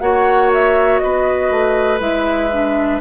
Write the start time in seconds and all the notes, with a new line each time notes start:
0.00 A#3 F#4 C#5 F#5
0.53 E5
0.98 B3 B4 D#5
1.50 A3
1.99 G#3 E4 E5
2.51 D4